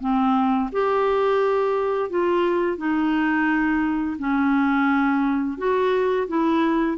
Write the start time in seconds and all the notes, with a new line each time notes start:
0.00 C4
0.72 G4
2.10 F4
2.77 D#4
4.19 C#4
5.58 F#4
6.28 E4